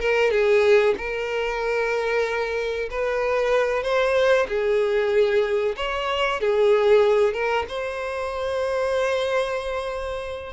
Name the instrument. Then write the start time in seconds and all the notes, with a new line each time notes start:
violin
0.00 A#4
0.31 G#4
0.98 A#4
2.91 B4
3.83 C5
4.48 G#4
5.77 C#5
6.41 G#4
7.34 A#4
7.69 C5